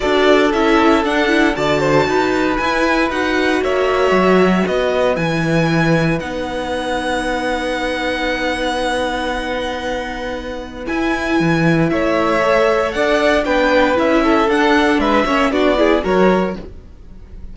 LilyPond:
<<
  \new Staff \with { instrumentName = "violin" } { \time 4/4 \tempo 4 = 116 d''4 e''4 fis''4 a''4~ | a''4 gis''4 fis''4 e''4~ | e''4 dis''4 gis''2 | fis''1~ |
fis''1~ | fis''4 gis''2 e''4~ | e''4 fis''4 g''4 e''4 | fis''4 e''4 d''4 cis''4 | }
  \new Staff \with { instrumentName = "violin" } { \time 4/4 a'2. d''8 c''8 | b'2. cis''4~ | cis''4 b'2.~ | b'1~ |
b'1~ | b'2. cis''4~ | cis''4 d''4 b'4. a'8~ | a'4 b'8 cis''8 fis'8 gis'8 ais'4 | }
  \new Staff \with { instrumentName = "viola" } { \time 4/4 fis'4 e'4 d'8 e'8 fis'4~ | fis'4 e'4 fis'2~ | fis'2 e'2 | dis'1~ |
dis'1~ | dis'4 e'2. | a'2 d'4 e'4 | d'4. cis'8 d'8 e'8 fis'4 | }
  \new Staff \with { instrumentName = "cello" } { \time 4/4 d'4 cis'4 d'4 d4 | dis'4 e'4 dis'4 ais4 | fis4 b4 e2 | b1~ |
b1~ | b4 e'4 e4 a4~ | a4 d'4 b4 cis'4 | d'4 gis8 ais8 b4 fis4 | }
>>